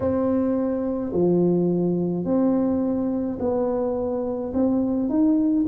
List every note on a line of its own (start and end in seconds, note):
0.00 1.12 C4
1.13 2.24 F3
2.24 3.38 C4
3.40 4.53 B3
4.53 5.09 C4
5.09 5.66 D#4